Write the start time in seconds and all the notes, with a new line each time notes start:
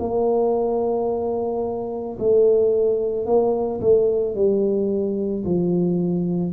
0.00 A#3
2.20 A3
3.26 A#3
3.81 A3
4.35 G3
5.45 F3